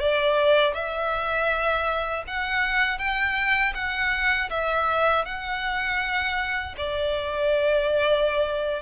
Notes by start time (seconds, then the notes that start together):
0.00 D5
0.74 E5
2.27 F#5
2.98 G5
3.75 F#5
4.50 E5
5.25 F#5
6.77 D5